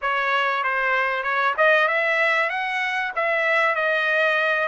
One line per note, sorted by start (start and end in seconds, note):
0.01 0.63 C#5
0.63 1.23 C5
1.23 1.54 C#5
1.57 1.88 D#5
1.88 2.49 E5
2.49 3.12 F#5
3.15 3.75 E5
3.75 4.68 D#5